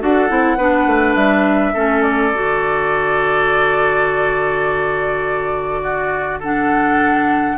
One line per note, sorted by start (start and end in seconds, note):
0.00 0.31 D4
0.00 0.28 F#4
0.00 0.58 A4
0.00 1.15 F#5
0.28 0.58 C4
0.28 0.58 E4
0.58 0.87 B3
0.58 1.75 D4
0.58 1.74 B4
0.87 1.16 A3
1.15 1.74 G3
1.15 2.03 E5
1.74 2.33 A3
1.74 2.33 C#4
1.74 5.82 A4
2.03 6.40 D5
2.33 7.58 D3
2.33 6.42 F#4
5.83 6.40 F#4
6.40 7.58 D4
6.40 7.56 A4
6.40 7.58 F#5